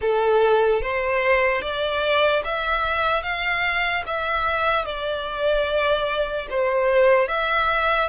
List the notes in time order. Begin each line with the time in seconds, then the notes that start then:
0.01 A4
0.81 C5
1.61 D5
2.44 E5
3.22 F5
4.06 E5
4.85 D5
6.49 C5
7.28 E5